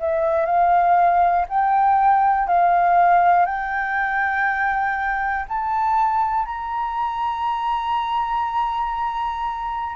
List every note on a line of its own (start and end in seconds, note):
0.00 0.46 E5
0.46 1.46 F5
1.49 2.48 G5
2.48 3.46 F5
3.46 5.46 G5
5.49 6.46 A5
6.46 9.96 A#5